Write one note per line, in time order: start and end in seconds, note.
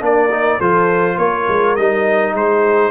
0.00 0.59 A#3
0.00 0.29 D4
0.00 0.58 A#4
0.00 0.60 D5
0.31 0.60 D#4
0.58 1.18 F3
0.58 1.78 F4
0.58 1.17 A4
0.58 1.18 C5
1.18 1.47 A#3
1.18 2.35 A#4
1.18 1.76 C#5
1.48 1.77 G#3
1.76 2.34 G3
1.76 2.91 D#4
1.76 2.34 D#5
2.34 2.91 G#3
2.34 2.91 G#4
2.34 2.91 C5